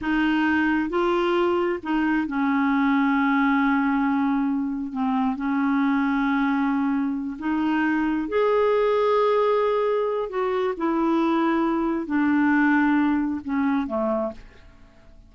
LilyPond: \new Staff \with { instrumentName = "clarinet" } { \time 4/4 \tempo 4 = 134 dis'2 f'2 | dis'4 cis'2.~ | cis'2. c'4 | cis'1~ |
cis'8 dis'2 gis'4.~ | gis'2. fis'4 | e'2. d'4~ | d'2 cis'4 a4 | }